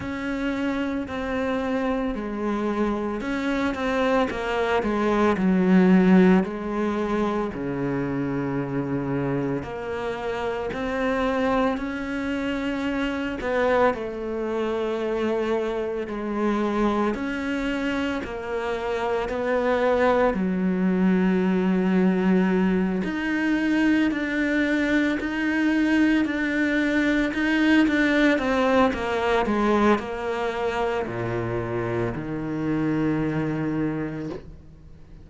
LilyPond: \new Staff \with { instrumentName = "cello" } { \time 4/4 \tempo 4 = 56 cis'4 c'4 gis4 cis'8 c'8 | ais8 gis8 fis4 gis4 cis4~ | cis4 ais4 c'4 cis'4~ | cis'8 b8 a2 gis4 |
cis'4 ais4 b4 fis4~ | fis4. dis'4 d'4 dis'8~ | dis'8 d'4 dis'8 d'8 c'8 ais8 gis8 | ais4 ais,4 dis2 | }